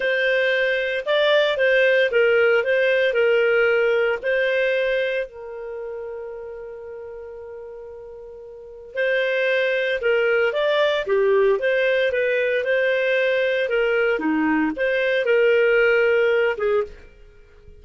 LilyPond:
\new Staff \with { instrumentName = "clarinet" } { \time 4/4 \tempo 4 = 114 c''2 d''4 c''4 | ais'4 c''4 ais'2 | c''2 ais'2~ | ais'1~ |
ais'4 c''2 ais'4 | d''4 g'4 c''4 b'4 | c''2 ais'4 dis'4 | c''4 ais'2~ ais'8 gis'8 | }